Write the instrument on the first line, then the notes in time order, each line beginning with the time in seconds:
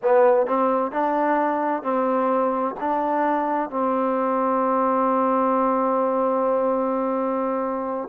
trombone
0.02 B3
0.46 C4
0.91 D4
1.83 C4
2.79 D4
3.70 C4